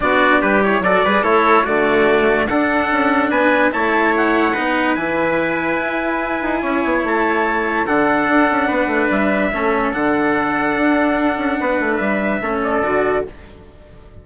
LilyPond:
<<
  \new Staff \with { instrumentName = "trumpet" } { \time 4/4 \tempo 4 = 145 d''4 b'8 cis''8 d''4 cis''4 | d''2 fis''2 | gis''4 a''4 fis''2 | gis''1~ |
gis''4 a''2 fis''4~ | fis''2 e''2 | fis''1~ | fis''4 e''4. d''4. | }
  \new Staff \with { instrumentName = "trumpet" } { \time 4/4 fis'4 g'4 a'8 b'8 e'4 | fis'2 a'2 | b'4 cis''2 b'4~ | b'1 |
cis''2. a'4~ | a'4 b'2 a'4~ | a'1 | b'2 a'2 | }
  \new Staff \with { instrumentName = "cello" } { \time 4/4 d'4. e'8 fis'8 gis'8 a'4 | a2 d'2~ | d'4 e'2 dis'4 | e'1~ |
e'2. d'4~ | d'2. cis'4 | d'1~ | d'2 cis'4 fis'4 | }
  \new Staff \with { instrumentName = "bassoon" } { \time 4/4 b4 g4 fis8 g8 a4 | d2 d'4 cis'4 | b4 a2 b4 | e2 e'4. dis'8 |
cis'8 b8 a2 d4 | d'8 cis'8 b8 a8 g4 a4 | d2 d'4. cis'8 | b8 a8 g4 a4 d4 | }
>>